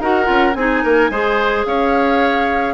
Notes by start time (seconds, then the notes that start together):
0.00 D#4 F#4 A#4 F#5
0.25 C#4 F4
0.54 C4 D#4 G#4 G#5
0.83 A#3 A#4
1.10 G#3 G#4 C5
1.66 C#4 C#5 F5